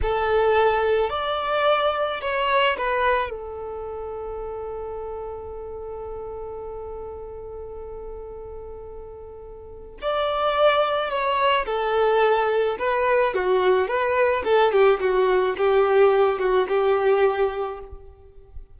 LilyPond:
\new Staff \with { instrumentName = "violin" } { \time 4/4 \tempo 4 = 108 a'2 d''2 | cis''4 b'4 a'2~ | a'1~ | a'1~ |
a'2 d''2 | cis''4 a'2 b'4 | fis'4 b'4 a'8 g'8 fis'4 | g'4. fis'8 g'2 | }